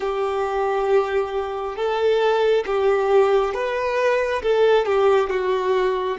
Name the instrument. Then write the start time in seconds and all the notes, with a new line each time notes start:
violin
0.00 G4
1.76 A4
2.66 G4
3.53 B4
4.42 A4
4.85 G4
5.29 F#4